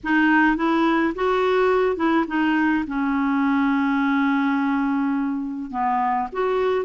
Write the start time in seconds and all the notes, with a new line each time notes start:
0.03 D#4
0.56 E4
1.15 F#4
1.96 E4
2.27 D#4
2.87 C#4
5.71 B3
6.32 F#4